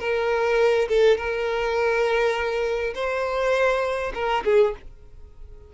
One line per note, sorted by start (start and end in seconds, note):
0.00 0.88 A#4
0.89 1.18 A4
1.18 2.94 A#4
2.95 4.13 C5
4.14 4.44 A#4
4.45 4.74 G#4